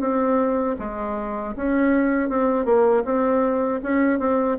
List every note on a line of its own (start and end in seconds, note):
0.00 0.76 C4
0.79 1.55 G#3
1.56 2.29 C#4
2.29 2.65 C4
2.65 3.03 A#3
3.05 3.81 C4
3.83 4.19 C#4
4.19 4.57 C4